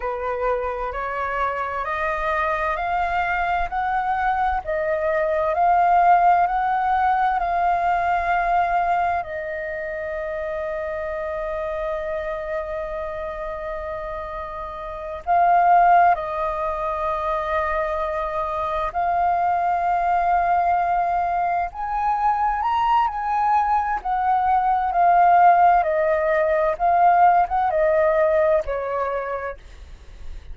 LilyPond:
\new Staff \with { instrumentName = "flute" } { \time 4/4 \tempo 4 = 65 b'4 cis''4 dis''4 f''4 | fis''4 dis''4 f''4 fis''4 | f''2 dis''2~ | dis''1~ |
dis''8 f''4 dis''2~ dis''8~ | dis''8 f''2. gis''8~ | gis''8 ais''8 gis''4 fis''4 f''4 | dis''4 f''8. fis''16 dis''4 cis''4 | }